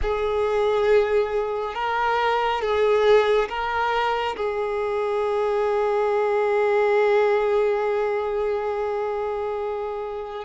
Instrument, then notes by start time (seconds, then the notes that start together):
violin
0.02 G#4
1.74 A#4
2.61 G#4
3.49 A#4
4.36 G#4